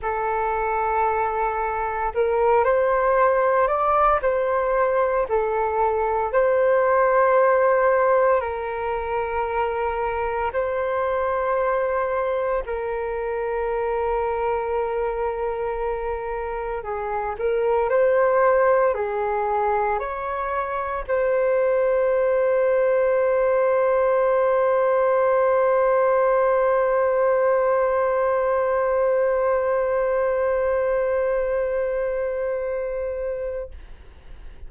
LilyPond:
\new Staff \with { instrumentName = "flute" } { \time 4/4 \tempo 4 = 57 a'2 ais'8 c''4 d''8 | c''4 a'4 c''2 | ais'2 c''2 | ais'1 |
gis'8 ais'8 c''4 gis'4 cis''4 | c''1~ | c''1~ | c''1 | }